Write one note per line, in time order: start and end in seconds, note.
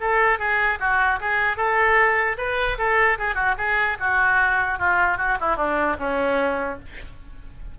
0.00 0.39 A4
0.39 0.79 G#4
0.79 1.19 F#4
1.20 1.57 G#4
1.57 2.37 A4
2.37 2.77 B4
2.78 3.18 A4
3.18 3.35 G#4
3.35 3.55 F#4
3.57 3.97 G#4
3.99 4.79 F#4
4.79 5.17 F4
5.17 5.37 F#4
5.40 5.56 E4
5.56 5.96 D4
5.99 6.79 C#4